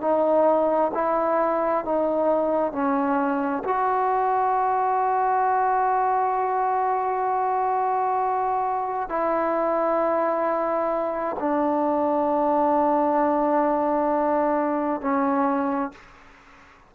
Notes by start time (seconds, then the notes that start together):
0.00 D#4
0.93 E4
1.84 D#4
2.72 C#4
3.64 F#4
9.09 E4
11.39 D4
15.01 C#4